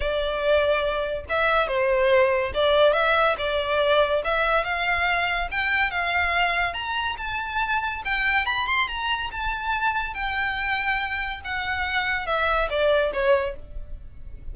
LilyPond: \new Staff \with { instrumentName = "violin" } { \time 4/4 \tempo 4 = 142 d''2. e''4 | c''2 d''4 e''4 | d''2 e''4 f''4~ | f''4 g''4 f''2 |
ais''4 a''2 g''4 | b''8 c'''8 ais''4 a''2 | g''2. fis''4~ | fis''4 e''4 d''4 cis''4 | }